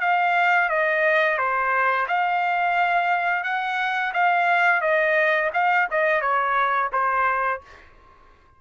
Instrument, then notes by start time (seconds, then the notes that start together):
trumpet
0.00 F5
0.69 D#5
1.38 C5
2.08 F5
3.43 F#5
4.13 F5
4.81 D#5
5.53 F5
5.90 D#5
6.21 C#5
6.92 C5